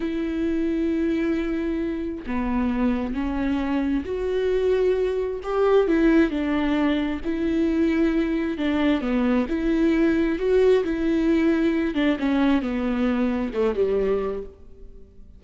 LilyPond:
\new Staff \with { instrumentName = "viola" } { \time 4/4 \tempo 4 = 133 e'1~ | e'4 b2 cis'4~ | cis'4 fis'2. | g'4 e'4 d'2 |
e'2. d'4 | b4 e'2 fis'4 | e'2~ e'8 d'8 cis'4 | b2 a8 g4. | }